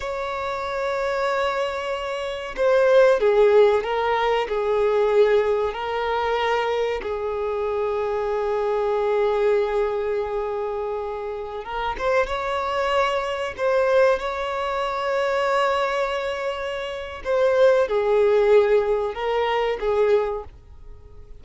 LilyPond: \new Staff \with { instrumentName = "violin" } { \time 4/4 \tempo 4 = 94 cis''1 | c''4 gis'4 ais'4 gis'4~ | gis'4 ais'2 gis'4~ | gis'1~ |
gis'2~ gis'16 ais'8 c''8 cis''8.~ | cis''4~ cis''16 c''4 cis''4.~ cis''16~ | cis''2. c''4 | gis'2 ais'4 gis'4 | }